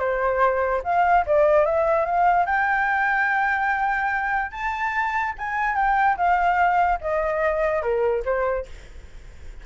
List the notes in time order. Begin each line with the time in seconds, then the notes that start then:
0.00 C5
0.84 F5
1.27 D5
1.66 E5
2.06 F5
2.46 G5
4.52 A5
5.39 G#5
5.76 G5
6.17 F5
7.01 D#5
7.83 A#4
8.25 C5